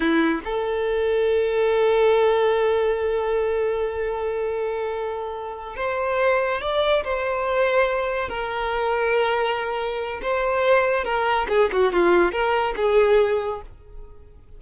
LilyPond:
\new Staff \with { instrumentName = "violin" } { \time 4/4 \tempo 4 = 141 e'4 a'2.~ | a'1~ | a'1~ | a'4. c''2 d''8~ |
d''8 c''2. ais'8~ | ais'1 | c''2 ais'4 gis'8 fis'8 | f'4 ais'4 gis'2 | }